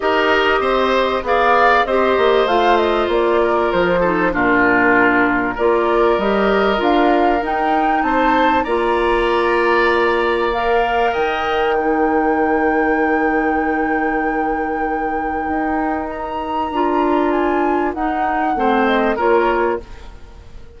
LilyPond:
<<
  \new Staff \with { instrumentName = "flute" } { \time 4/4 \tempo 4 = 97 dis''2 f''4 dis''4 | f''8 dis''8 d''4 c''4 ais'4~ | ais'4 d''4 dis''4 f''4 | g''4 a''4 ais''2~ |
ais''4 f''4 g''2~ | g''1~ | g''2 ais''2 | gis''4 fis''4. dis''8 cis''4 | }
  \new Staff \with { instrumentName = "oboe" } { \time 4/4 ais'4 c''4 d''4 c''4~ | c''4. ais'4 a'8 f'4~ | f'4 ais'2.~ | ais'4 c''4 d''2~ |
d''2 dis''4 ais'4~ | ais'1~ | ais'1~ | ais'2 c''4 ais'4 | }
  \new Staff \with { instrumentName = "clarinet" } { \time 4/4 g'2 gis'4 g'4 | f'2~ f'8 dis'8 d'4~ | d'4 f'4 g'4 f'4 | dis'2 f'2~ |
f'4 ais'2 dis'4~ | dis'1~ | dis'2. f'4~ | f'4 dis'4 c'4 f'4 | }
  \new Staff \with { instrumentName = "bassoon" } { \time 4/4 dis'4 c'4 b4 c'8 ais8 | a4 ais4 f4 ais,4~ | ais,4 ais4 g4 d'4 | dis'4 c'4 ais2~ |
ais2 dis2~ | dis1~ | dis4 dis'2 d'4~ | d'4 dis'4 a4 ais4 | }
>>